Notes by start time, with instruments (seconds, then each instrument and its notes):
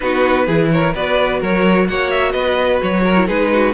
0.00 cello B3, viola D#4, violin F#4 B4
0.46 cello E3, viola E4, violin G#4
0.71 violin A#4 C#5
0.94 cello B3, viola F#4, violin B4 D5
1.40 cello F#3, violin A#4 C#5
1.88 cello A#3, violin C#5 F#5
2.10 violin E5
2.31 cello B3, violin B4 D#5
2.82 cello F#3, violin C#5
3.04 violin A#4
3.16 viola E4
3.27 cello G#3, viola D#4, violin G#4 B4
3.53 violin F#4